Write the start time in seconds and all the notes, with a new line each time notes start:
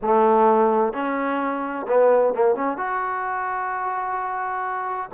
0.01 A3
0.93 C#4
1.87 B3
2.34 A#3
2.55 C#4
2.77 F#4